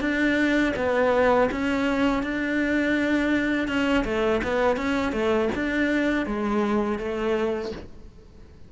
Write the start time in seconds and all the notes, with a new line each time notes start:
0.00 D4
0.76 B3
1.51 C#4
2.23 D4
3.68 C#4
4.04 A3
4.43 B3
4.76 C#4
5.12 A3
5.55 D4
6.26 G#3
6.98 A3